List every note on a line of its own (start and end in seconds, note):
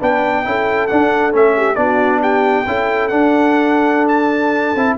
0.00 0.46 B3
0.00 0.45 D4
0.00 0.44 B4
0.00 0.87 G5
0.45 0.90 C#4
0.45 0.89 E4
0.45 1.57 A4
0.87 1.32 D4
0.87 1.33 D4
0.87 1.32 F#5
1.32 1.77 A3
1.32 1.76 C#4
1.32 1.76 E5
1.57 1.79 G4
1.76 2.66 B3
1.76 2.66 D4
1.76 2.21 F#4
1.76 2.20 D5
2.21 2.66 G4
2.21 3.08 G5
2.67 3.11 C#4
2.67 3.11 E4
2.67 4.98 A4
3.08 4.76 D4
3.08 4.08 F#5
4.09 4.97 A5
4.76 4.98 C4
4.76 4.98 E4